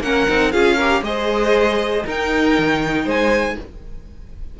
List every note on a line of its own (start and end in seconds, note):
0.00 0.25 A#3
0.00 0.28 C#4
0.00 0.53 A#4
0.00 0.51 F#5
0.28 0.54 C4
0.28 0.52 D#4
0.51 1.02 C#4
0.51 0.77 F4
0.51 0.76 G#4
0.51 1.02 F5
0.76 1.03 G4
0.76 1.01 A#4
1.02 2.03 G#3
1.02 2.05 G#4
1.02 2.05 C5
1.02 2.06 D#5
2.05 3.58 D#4
2.05 2.57 D#4
2.05 3.05 A#4
2.05 3.09 G5
2.57 3.05 D#3
3.05 3.56 G#3
3.05 3.56 C5
3.05 3.59 G#5